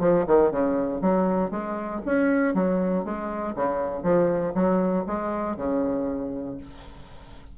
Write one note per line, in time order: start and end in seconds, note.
0.00 0.25 F3
0.27 0.51 D#3
0.51 1.02 C#3
1.02 1.51 F#3
1.51 2.01 G#3
2.06 2.54 C#4
2.54 3.05 F#3
3.05 3.55 G#3
3.56 4.03 C#3
4.03 4.54 F3
4.55 5.05 F#3
5.07 5.57 G#3
5.57 6.58 C#3